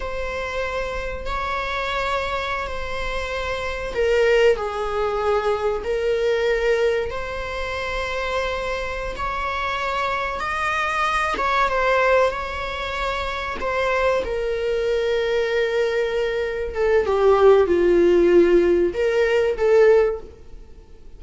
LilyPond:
\new Staff \with { instrumentName = "viola" } { \time 4/4 \tempo 4 = 95 c''2 cis''2~ | cis''16 c''2 ais'4 gis'8.~ | gis'4~ gis'16 ais'2 c''8.~ | c''2~ c''8 cis''4.~ |
cis''8 dis''4. cis''8 c''4 cis''8~ | cis''4. c''4 ais'4.~ | ais'2~ ais'8 a'8 g'4 | f'2 ais'4 a'4 | }